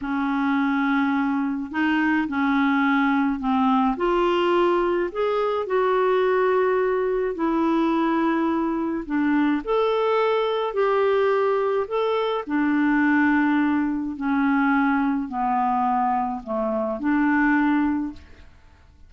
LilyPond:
\new Staff \with { instrumentName = "clarinet" } { \time 4/4 \tempo 4 = 106 cis'2. dis'4 | cis'2 c'4 f'4~ | f'4 gis'4 fis'2~ | fis'4 e'2. |
d'4 a'2 g'4~ | g'4 a'4 d'2~ | d'4 cis'2 b4~ | b4 a4 d'2 | }